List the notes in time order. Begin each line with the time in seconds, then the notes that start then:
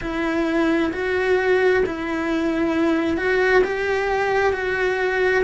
0.01 E4
0.93 F#4
1.86 E4
3.17 F#4
3.64 G4
4.52 F#4